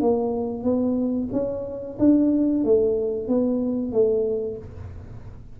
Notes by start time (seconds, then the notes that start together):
0.00 A#3
0.63 B3
1.32 C#4
1.99 D4
2.64 A3
3.27 B3
3.92 A3